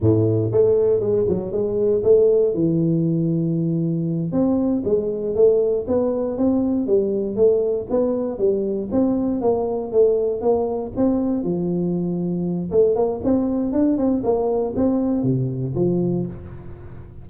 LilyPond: \new Staff \with { instrumentName = "tuba" } { \time 4/4 \tempo 4 = 118 a,4 a4 gis8 fis8 gis4 | a4 e2.~ | e8 c'4 gis4 a4 b8~ | b8 c'4 g4 a4 b8~ |
b8 g4 c'4 ais4 a8~ | a8 ais4 c'4 f4.~ | f4 a8 ais8 c'4 d'8 c'8 | ais4 c'4 c4 f4 | }